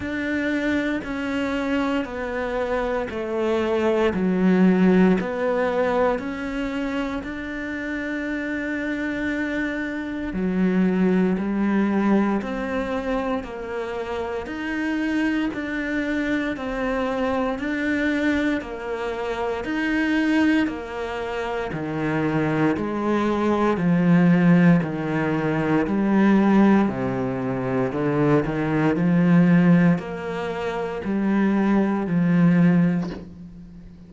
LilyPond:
\new Staff \with { instrumentName = "cello" } { \time 4/4 \tempo 4 = 58 d'4 cis'4 b4 a4 | fis4 b4 cis'4 d'4~ | d'2 fis4 g4 | c'4 ais4 dis'4 d'4 |
c'4 d'4 ais4 dis'4 | ais4 dis4 gis4 f4 | dis4 g4 c4 d8 dis8 | f4 ais4 g4 f4 | }